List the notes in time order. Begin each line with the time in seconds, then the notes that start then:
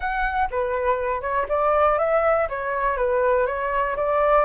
0.00 F#5
0.50 B4
1.21 C#5
1.48 D5
1.98 E5
2.49 C#5
2.96 B4
3.46 C#5
3.96 D5